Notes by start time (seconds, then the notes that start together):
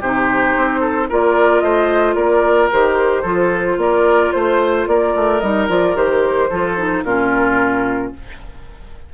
0.00 C3 D#4 G4 C5
0.56 C4
0.80 A4
1.09 A#3 F4 A#4 D5
1.59 A3 C5 D#5
2.14 A#3 A#4 D5
2.71 D#3 G4 C5
3.22 F3 F4 A4
3.77 A#3 A#4 D5
4.32 A3 C5
4.87 A#3 A#4 D5
5.15 A3
5.39 G3 D#4 D#5
5.68 F3 F4 D5
5.94 D#3 G4 C5
6.49 F3 F4 A4
6.77 D#4
7.03 A#2 C#4 F4 A#4